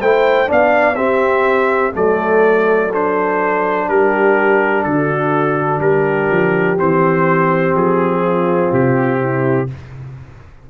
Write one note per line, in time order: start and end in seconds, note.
0.00 0.48 A3
0.00 0.46 E4
0.00 0.48 C5
0.00 0.49 G5
0.46 0.96 B3
0.46 0.95 D4
0.46 0.96 D5
0.46 0.95 F5
0.95 1.92 C4
0.95 1.93 C4
0.95 1.93 G4
0.95 1.92 E5
1.93 3.89 F#3
1.93 2.89 A3
1.93 3.88 A4
1.93 2.93 D5
2.93 6.78 D4
2.93 3.89 C5
3.88 4.85 G3
3.88 4.85 G4
3.88 4.83 A#4
4.83 5.79 D3
4.83 5.83 F#4
4.83 5.80 A4
5.79 6.28 G3
5.79 8.22 G4
5.79 6.77 A#4
6.30 6.79 F3
6.78 7.74 E3
6.78 9.68 C4
6.78 7.76 C5
7.74 8.71 F3
7.74 8.73 G#4
8.22 9.19 F4
8.72 9.69 C3
8.72 9.70 G4
9.19 9.68 E4